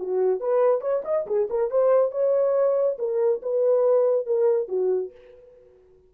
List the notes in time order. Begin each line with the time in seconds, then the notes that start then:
0.00 F#4
0.41 B4
0.82 C#5
1.05 D#5
1.27 G#4
1.50 A#4
1.71 C5
2.12 C#5
2.99 A#4
3.43 B4
4.27 A#4
4.69 F#4